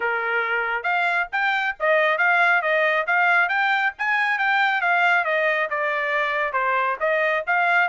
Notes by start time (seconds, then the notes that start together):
0.00 A#4
0.83 F5
1.32 G5
1.79 D#5
2.18 F5
2.62 D#5
3.06 F5
3.49 G5
3.98 G#5
4.38 G5
4.81 F5
5.24 D#5
5.70 D5
6.53 C5
7.00 D#5
7.46 F5